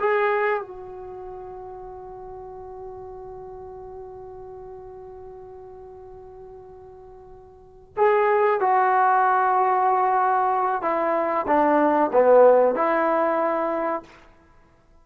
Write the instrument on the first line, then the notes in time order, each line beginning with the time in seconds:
trombone
0.00 G#4
0.62 F#4
7.97 G#4
8.61 F#4
10.82 E4
11.47 D4
12.13 B3
12.76 E4